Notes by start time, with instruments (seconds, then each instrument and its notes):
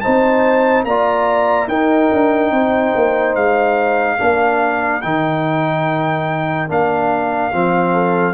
0.00 trombone D#4, horn C5, trumpet A5
0.06 tuba C4
0.84 tuba A#3, trombone F4, horn D5, trumpet A#5
1.67 tuba D#4, trombone D#4, horn A#4, trumpet G5
2.12 tuba D4
2.51 tuba C4, horn C5
2.95 tuba A#3
3.35 tuba G#3, trumpet F5
4.18 tuba A#3, trombone D4, horn A#4
5.01 tuba D#3, trombone D#4, trumpet G5
6.68 tuba A#3, trombone D4, trumpet F5
7.52 tuba F3, trombone C4
7.92 horn A4